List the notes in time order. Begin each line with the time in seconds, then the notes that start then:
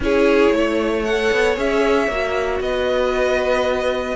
0.00 C#4 E4 G#4 C#5
0.51 A3 C#5
1.04 A4 F#5
1.31 B3
1.56 C#4 G#4 E5
2.07 A#3 F#4
2.60 B3 B4 D#5